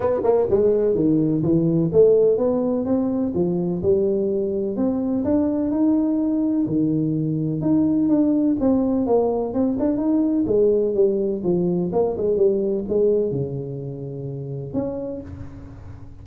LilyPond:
\new Staff \with { instrumentName = "tuba" } { \time 4/4 \tempo 4 = 126 b8 ais8 gis4 dis4 e4 | a4 b4 c'4 f4 | g2 c'4 d'4 | dis'2 dis2 |
dis'4 d'4 c'4 ais4 | c'8 d'8 dis'4 gis4 g4 | f4 ais8 gis8 g4 gis4 | cis2. cis'4 | }